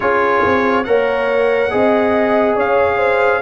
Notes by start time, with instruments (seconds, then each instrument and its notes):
0.00 tuba C#4, trombone F4, horn G#4, trumpet C#5
0.45 tuba C4
0.84 tuba A#3, trombone A#4, horn C#5, trumpet F#5
1.70 tuba C4, trombone G#4, horn D#5
2.56 tuba C#4, horn C#5, trumpet F5
2.97 horn C5